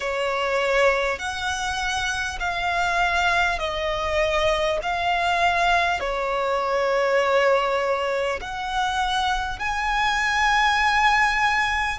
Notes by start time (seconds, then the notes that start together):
0.00 C#5
1.18 F#5
2.39 F5
3.58 D#5
4.82 F5
5.99 C#5
8.41 F#5
9.59 G#5